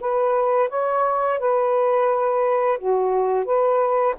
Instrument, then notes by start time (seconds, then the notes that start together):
saxophone
0.00 B4
0.69 C#5
1.39 B4
2.78 F#4
3.45 B4